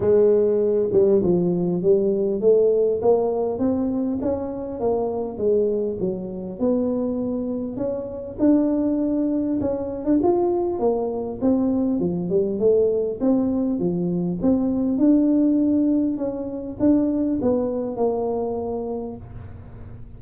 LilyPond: \new Staff \with { instrumentName = "tuba" } { \time 4/4 \tempo 4 = 100 gis4. g8 f4 g4 | a4 ais4 c'4 cis'4 | ais4 gis4 fis4 b4~ | b4 cis'4 d'2 |
cis'8. d'16 f'4 ais4 c'4 | f8 g8 a4 c'4 f4 | c'4 d'2 cis'4 | d'4 b4 ais2 | }